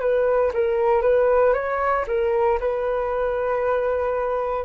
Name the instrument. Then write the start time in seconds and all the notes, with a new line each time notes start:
flute
0.00 B4
0.53 A#4
1.02 B4
1.53 C#5
2.07 A#4
2.60 B4